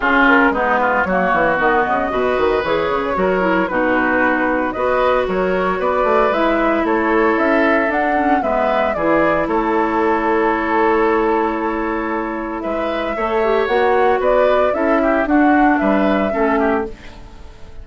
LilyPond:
<<
  \new Staff \with { instrumentName = "flute" } { \time 4/4 \tempo 4 = 114 gis'8 ais'8 b'4 cis''4 dis''4~ | dis''4 cis''2 b'4~ | b'4 dis''4 cis''4 d''4 | e''4 cis''4 e''4 fis''4 |
e''4 d''4 cis''2~ | cis''1 | e''2 fis''4 d''4 | e''4 fis''4 e''2 | }
  \new Staff \with { instrumentName = "oboe" } { \time 4/4 f'4 dis'8 f'8 fis'2 | b'2 ais'4 fis'4~ | fis'4 b'4 ais'4 b'4~ | b'4 a'2. |
b'4 gis'4 a'2~ | a'1 | b'4 cis''2 b'4 | a'8 g'8 fis'4 b'4 a'8 g'8 | }
  \new Staff \with { instrumentName = "clarinet" } { \time 4/4 cis'4 b4 ais4 b4 | fis'4 gis'4 fis'8 e'8 dis'4~ | dis'4 fis'2. | e'2. d'8 cis'8 |
b4 e'2.~ | e'1~ | e'4 a'8 g'8 fis'2 | e'4 d'2 cis'4 | }
  \new Staff \with { instrumentName = "bassoon" } { \time 4/4 cis4 gis4 fis8 e8 dis8 cis8 | b,8 dis8 e8 cis8 fis4 b,4~ | b,4 b4 fis4 b8 a8 | gis4 a4 cis'4 d'4 |
gis4 e4 a2~ | a1 | gis4 a4 ais4 b4 | cis'4 d'4 g4 a4 | }
>>